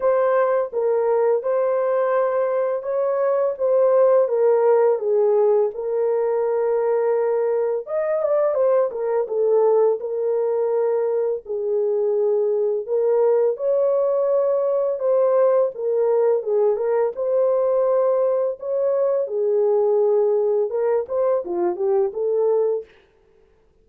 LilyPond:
\new Staff \with { instrumentName = "horn" } { \time 4/4 \tempo 4 = 84 c''4 ais'4 c''2 | cis''4 c''4 ais'4 gis'4 | ais'2. dis''8 d''8 | c''8 ais'8 a'4 ais'2 |
gis'2 ais'4 cis''4~ | cis''4 c''4 ais'4 gis'8 ais'8 | c''2 cis''4 gis'4~ | gis'4 ais'8 c''8 f'8 g'8 a'4 | }